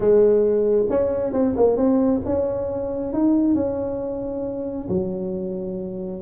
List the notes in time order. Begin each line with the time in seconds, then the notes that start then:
0.00 G#3
0.89 C#4
1.33 C4
1.56 A#3
1.76 C4
2.25 C#4
3.13 D#4
3.54 C#4
4.88 F#3